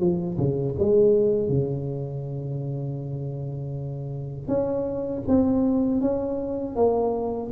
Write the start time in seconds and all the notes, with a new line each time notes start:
0.00 F3
0.38 C#3
0.79 G#3
1.49 C#3
4.48 C#4
5.28 C4
6.01 C#4
6.76 A#3